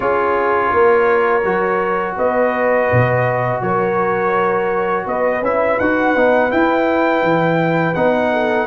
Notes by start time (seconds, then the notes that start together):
0.00 C#4 F4 G#4 C#5
0.73 A#3 A#4
1.43 F#3 F#4
2.16 B3 B4 D#5
2.91 B2
3.61 F#3 A#4 C#5
5.06 B3 B4 D#5
5.41 C#4 E4 E5
5.79 D#4 F#4 F#5
6.15 B3 D#4
6.49 E4 G5
7.22 E3
7.94 B3 D#4 F#5
8.32 A4